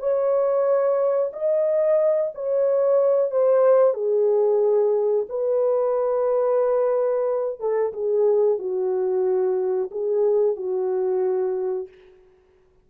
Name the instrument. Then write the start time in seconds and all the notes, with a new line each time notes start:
horn
0.00 C#5
1.33 D#5
2.35 C#5
3.31 C5
3.94 G#4
5.30 B4
7.60 A4
7.94 G#4
8.59 F#4
9.91 G#4
10.57 F#4